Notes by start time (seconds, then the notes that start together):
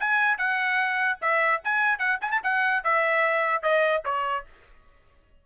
0.00 G#5
0.38 F#5
1.22 E5
1.65 G#5
1.99 F#5
2.21 G#5
2.32 A5
2.44 F#5
2.84 E5
3.63 D#5
4.06 C#5